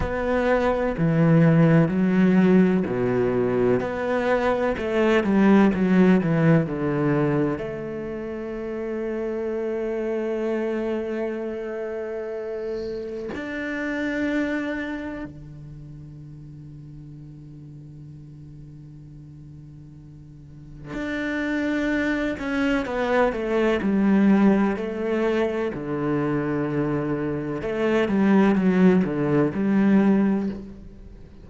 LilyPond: \new Staff \with { instrumentName = "cello" } { \time 4/4 \tempo 4 = 63 b4 e4 fis4 b,4 | b4 a8 g8 fis8 e8 d4 | a1~ | a2 d'2 |
d1~ | d2 d'4. cis'8 | b8 a8 g4 a4 d4~ | d4 a8 g8 fis8 d8 g4 | }